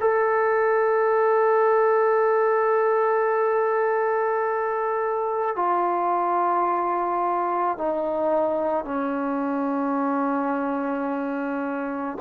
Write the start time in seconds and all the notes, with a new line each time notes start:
0.00 A4
5.56 F4
7.78 D#4
8.84 C#4